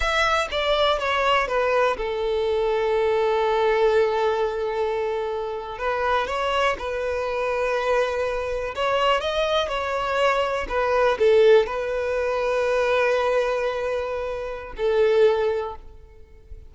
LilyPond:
\new Staff \with { instrumentName = "violin" } { \time 4/4 \tempo 4 = 122 e''4 d''4 cis''4 b'4 | a'1~ | a'2.~ a'8. b'16~ | b'8. cis''4 b'2~ b'16~ |
b'4.~ b'16 cis''4 dis''4 cis''16~ | cis''4.~ cis''16 b'4 a'4 b'16~ | b'1~ | b'2 a'2 | }